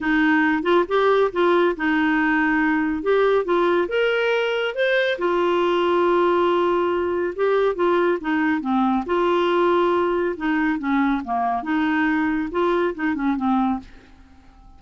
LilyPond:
\new Staff \with { instrumentName = "clarinet" } { \time 4/4 \tempo 4 = 139 dis'4. f'8 g'4 f'4 | dis'2. g'4 | f'4 ais'2 c''4 | f'1~ |
f'4 g'4 f'4 dis'4 | c'4 f'2. | dis'4 cis'4 ais4 dis'4~ | dis'4 f'4 dis'8 cis'8 c'4 | }